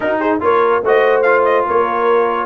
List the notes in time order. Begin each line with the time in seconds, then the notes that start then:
0.00 D#4 F#4 A#4
0.19 G#4 C5
0.40 A#3 F4 A#4 C#5
0.83 A3 F#4 C5 D#5
1.22 F4 F5
1.44 D#5
1.66 A#3 A#4 C#5